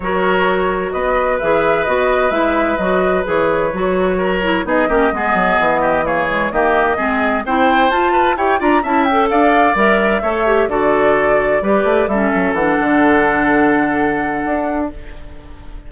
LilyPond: <<
  \new Staff \with { instrumentName = "flute" } { \time 4/4 \tempo 4 = 129 cis''2 dis''4 e''4 | dis''4 e''4 dis''4 cis''4~ | cis''2 dis''2~ | dis''4 cis''4 dis''2 |
g''4 a''4 g''8 ais''8 a''8 g''8 | f''4 e''2 d''4~ | d''2 e''4 fis''4~ | fis''1 | }
  \new Staff \with { instrumentName = "oboe" } { \time 4/4 ais'2 b'2~ | b'1~ | b'4 ais'4 gis'8 g'8 gis'4~ | gis'8 g'8 gis'4 g'4 gis'4 |
c''4. b'8 cis''8 d''8 e''4 | d''2 cis''4 a'4~ | a'4 b'4 a'2~ | a'1 | }
  \new Staff \with { instrumentName = "clarinet" } { \time 4/4 fis'2. gis'4 | fis'4 e'4 fis'4 gis'4 | fis'4. e'8 dis'8 cis'8 b4~ | b4 ais8 gis8 ais4 c'4 |
e'4 f'4 g'8 f'8 e'8 a'8~ | a'4 ais'4 a'8 g'8 fis'4~ | fis'4 g'4 cis'4 d'4~ | d'1 | }
  \new Staff \with { instrumentName = "bassoon" } { \time 4/4 fis2 b4 e4 | b4 gis4 fis4 e4 | fis2 b8 ais8 gis8 fis8 | e2 dis4 gis4 |
c'4 f'4 e'8 d'8 cis'4 | d'4 g4 a4 d4~ | d4 g8 a8 g8 fis8 e8 d8~ | d2. d'4 | }
>>